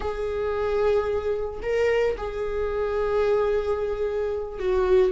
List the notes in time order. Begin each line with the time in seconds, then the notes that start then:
0.00 G#4
1.62 A#4
2.17 G#4
4.59 F#4